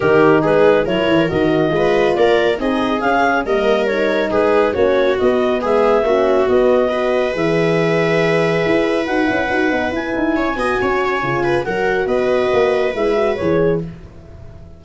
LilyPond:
<<
  \new Staff \with { instrumentName = "clarinet" } { \time 4/4 \tempo 4 = 139 ais'4 b'4 cis''4 dis''4~ | dis''4 d''4 dis''4 f''4 | dis''4 cis''4 b'4 cis''4 | dis''4 e''2 dis''4~ |
dis''4 e''2.~ | e''4 fis''2 gis''4~ | gis''2. fis''4 | dis''2 e''4 cis''4 | }
  \new Staff \with { instrumentName = "viola" } { \time 4/4 g'4 gis'4 ais'2 | b'4 ais'4 gis'2 | ais'2 gis'4 fis'4~ | fis'4 gis'4 fis'2 |
b'1~ | b'1 | cis''8 dis''8 cis''4. b'8 ais'4 | b'1 | }
  \new Staff \with { instrumentName = "horn" } { \time 4/4 dis'2 e'4 fis'4 | f'2 dis'4 cis'4 | ais4 dis'2 cis'4 | b2 cis'4 b4 |
fis'4 gis'2.~ | gis'4 fis'8 e'8 fis'8 dis'8 e'4~ | e'8 fis'4. f'4 fis'4~ | fis'2 e'8 fis'8 gis'4 | }
  \new Staff \with { instrumentName = "tuba" } { \time 4/4 dis4 gis4 fis8 e8 dis4 | gis4 ais4 c'4 cis'4 | g2 gis4 ais4 | b4 gis4 ais4 b4~ |
b4 e2. | e'4 dis'8 cis'8 dis'8 b8 e'8 dis'8 | cis'8 b8 cis'4 cis4 fis4 | b4 ais4 gis4 e4 | }
>>